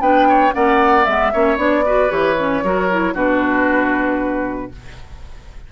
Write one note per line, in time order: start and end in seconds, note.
0.00 0.52 B3
0.00 0.52 D4
0.00 0.28 B4
0.00 0.52 G5
0.28 0.54 C#5
0.52 1.06 A#3
0.52 1.04 C#4
0.52 1.32 D5
0.52 1.05 F#5
1.05 1.32 G#3
1.05 1.33 B3
1.05 1.57 E5
1.32 1.57 A#3
1.32 1.57 C#4
1.32 1.84 C#5
1.57 2.09 B3
1.57 1.83 D4
1.57 2.10 D5
1.85 2.09 F#4
1.85 2.64 B4
2.09 2.63 E3
2.09 2.35 G4
2.09 3.15 C#5
2.38 2.64 C#4
2.63 3.13 F#3
2.63 2.90 F#4
2.63 3.14 A#4
2.90 3.15 E4
3.13 4.70 B2
3.13 4.71 D4
3.13 4.70 F#4
3.13 4.72 B4